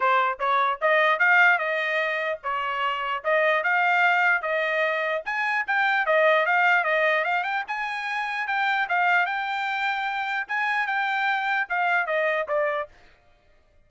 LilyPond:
\new Staff \with { instrumentName = "trumpet" } { \time 4/4 \tempo 4 = 149 c''4 cis''4 dis''4 f''4 | dis''2 cis''2 | dis''4 f''2 dis''4~ | dis''4 gis''4 g''4 dis''4 |
f''4 dis''4 f''8 g''8 gis''4~ | gis''4 g''4 f''4 g''4~ | g''2 gis''4 g''4~ | g''4 f''4 dis''4 d''4 | }